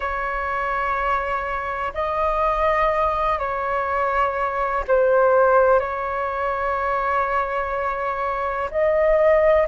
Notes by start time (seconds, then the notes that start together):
0.00 C#5
1.94 D#5
3.39 C#5
4.87 C5
5.79 C#5
8.71 D#5